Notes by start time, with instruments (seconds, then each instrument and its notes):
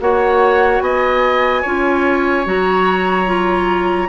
0.00 bassoon A#3, clarinet F#4, oboe C#5, flute F#5
0.80 bassoon B3, oboe D#5, flute G#5
1.61 bassoon C#4, clarinet F4, oboe C#5
2.45 bassoon F#3, clarinet F#4, flute A#5
3.26 clarinet F4